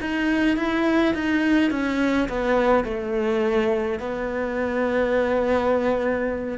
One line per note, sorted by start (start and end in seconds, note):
0.00 0.56 D#4
0.56 1.14 E4
1.14 1.70 D#4
1.70 2.28 C#4
2.28 2.84 B3
2.84 3.99 A3
3.99 6.58 B3